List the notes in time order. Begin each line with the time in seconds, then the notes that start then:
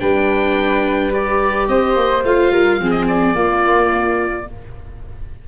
0.00 G3 D4 B4 G5
1.12 G4 D5
1.68 C4 C5 D#5
1.96 A#3
2.24 A3 F4 F5
2.51 G3 A#4
2.79 F3 C4 G#4
2.91 D#5
3.08 D5
3.35 A#3 F4